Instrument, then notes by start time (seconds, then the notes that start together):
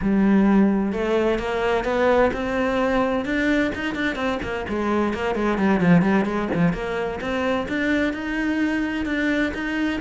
cello
0.01 G3
0.92 A3
1.38 A#3
1.84 B3
2.33 C4
3.25 D4
3.74 D#4
3.95 D4
4.15 C4
4.42 A#3
4.68 G#3
5.13 A#3
5.35 G#3
5.58 G3
5.80 F3
6.01 G3
6.25 G#3
6.54 F3
6.73 A#3
7.21 C4
7.68 D4
8.13 D#4
9.05 D4
9.54 D#4